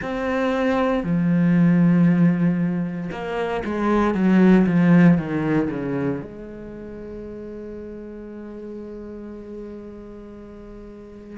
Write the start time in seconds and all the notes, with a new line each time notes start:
0.02 C4
1.03 F3
3.11 A#3
3.64 G#3
4.14 F#3
4.66 F3
5.17 D#3
5.69 C#3
6.21 G#3